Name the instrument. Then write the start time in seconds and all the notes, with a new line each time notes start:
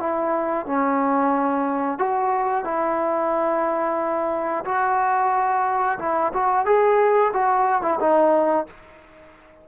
trombone
0.00 E4
0.66 C#4
1.99 F#4
2.65 E4
4.65 F#4
5.99 E4
6.34 F#4
6.66 G#4
7.34 F#4
7.82 E4
8.00 D#4